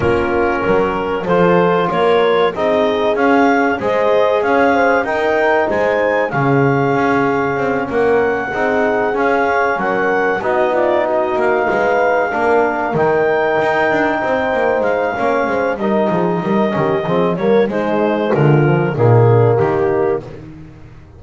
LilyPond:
<<
  \new Staff \with { instrumentName = "clarinet" } { \time 4/4 \tempo 4 = 95 ais'2 c''4 cis''4 | dis''4 f''4 dis''4 f''4 | g''4 gis''4 f''2~ | f''8 fis''2 f''4 fis''8~ |
fis''8 dis''8 d''8 dis''8 f''2~ | f''8 g''2. f''8~ | f''4 dis''2~ dis''8 cis''8 | c''4 ais'4 gis'4 g'4 | }
  \new Staff \with { instrumentName = "horn" } { \time 4/4 f'4 ais'4 a'4 ais'4 | gis'2 c''4 cis''8 c''8 | ais'4 c''4 gis'2~ | gis'8 ais'4 gis'2 ais'8~ |
ais'8 fis'8 f'8 fis'4 b'4 ais'8~ | ais'2~ ais'8 c''4. | cis''8 c''8 ais'8 gis'8 ais'8 g'8 gis'8 ais'8 | dis'4 f'4 dis'8 d'8 dis'4 | }
  \new Staff \with { instrumentName = "trombone" } { \time 4/4 cis'2 f'2 | dis'4 cis'4 gis'2 | dis'2 cis'2~ | cis'4. dis'4 cis'4.~ |
cis'8 dis'2. d'8~ | d'8 dis'2.~ dis'8 | cis'4 dis'4. cis'8 c'8 ais8 | gis4. f8 ais2 | }
  \new Staff \with { instrumentName = "double bass" } { \time 4/4 ais4 fis4 f4 ais4 | c'4 cis'4 gis4 cis'4 | dis'4 gis4 cis4 cis'4 | c'8 ais4 c'4 cis'4 fis8~ |
fis8 b4. ais8 gis4 ais8~ | ais8 dis4 dis'8 d'8 c'8 ais8 gis8 | ais8 gis8 g8 f8 g8 dis8 f8 g8 | gis4 d4 ais,4 dis4 | }
>>